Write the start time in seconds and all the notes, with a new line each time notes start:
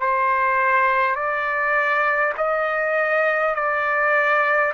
0.00 C5
1.15 D5
2.37 D#5
3.55 D5